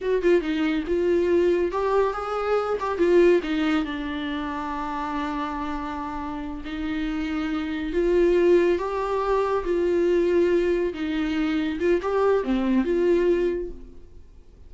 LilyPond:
\new Staff \with { instrumentName = "viola" } { \time 4/4 \tempo 4 = 140 fis'8 f'8 dis'4 f'2 | g'4 gis'4. g'8 f'4 | dis'4 d'2.~ | d'2.~ d'8 dis'8~ |
dis'2~ dis'8 f'4.~ | f'8 g'2 f'4.~ | f'4. dis'2 f'8 | g'4 c'4 f'2 | }